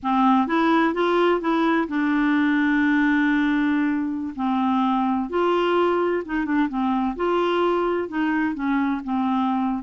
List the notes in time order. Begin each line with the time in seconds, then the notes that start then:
0.02 C4
0.47 E4
0.94 F4
1.40 E4
1.88 D4
4.35 C4
5.29 F4
6.25 D#4
6.45 D4
6.68 C4
7.15 F4
8.08 D#4
8.54 C#4
9.04 C4